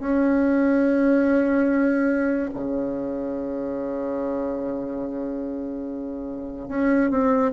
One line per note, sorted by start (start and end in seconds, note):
0.00 2.50 C#4
2.55 6.69 C#3
6.69 7.11 C#4
7.11 7.52 C4